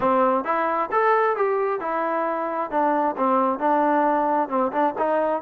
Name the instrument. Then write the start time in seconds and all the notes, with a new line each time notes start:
trombone
0.00 C4
0.44 E4
0.91 A4
1.36 G4
1.80 E4
2.70 D4
3.16 C4
3.59 D4
4.48 C4
4.72 D4
4.98 D#4